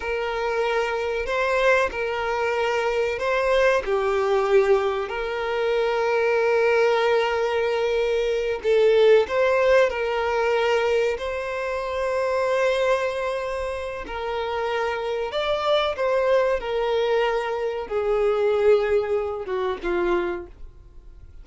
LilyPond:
\new Staff \with { instrumentName = "violin" } { \time 4/4 \tempo 4 = 94 ais'2 c''4 ais'4~ | ais'4 c''4 g'2 | ais'1~ | ais'4. a'4 c''4 ais'8~ |
ais'4. c''2~ c''8~ | c''2 ais'2 | d''4 c''4 ais'2 | gis'2~ gis'8 fis'8 f'4 | }